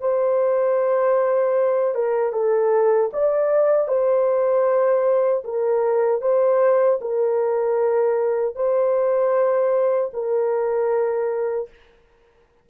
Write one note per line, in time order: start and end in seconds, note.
0.00 1.94 C5
1.94 2.32 A#4
2.32 3.10 A4
3.13 3.87 D5
3.87 5.43 C5
5.44 6.21 A#4
6.21 6.99 C5
7.01 8.55 A#4
8.55 10.11 C5
10.13 11.69 A#4